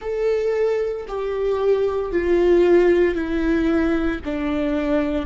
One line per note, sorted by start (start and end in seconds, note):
0.00 1.06 A4
1.08 2.11 G4
2.11 3.14 F4
3.14 4.20 E4
4.24 5.26 D4